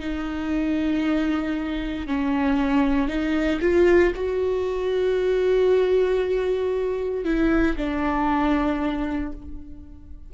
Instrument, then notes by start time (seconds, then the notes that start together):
viola
0.00 D#4
2.07 C#4
3.08 D#4
3.61 F4
4.16 F#4
7.25 E4
7.77 D4